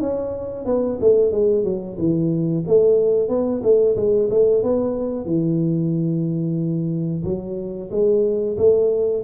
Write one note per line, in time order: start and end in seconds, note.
0.00 0.65 C#4
0.65 0.98 B3
1.00 1.31 A3
1.31 1.64 G#3
1.64 1.97 F#3
1.98 2.64 E3
2.67 3.28 A3
3.28 3.61 B3
3.63 3.96 A3
3.96 4.29 G#3
4.30 4.63 A3
4.63 5.25 B3
5.25 7.23 E3
7.24 7.90 F#3
7.91 8.57 G#3
8.57 9.23 A3